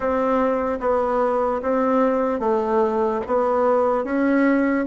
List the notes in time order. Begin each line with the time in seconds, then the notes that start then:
0.00 C4
0.80 B3
1.61 C4
2.39 A3
3.27 B3
4.04 C#4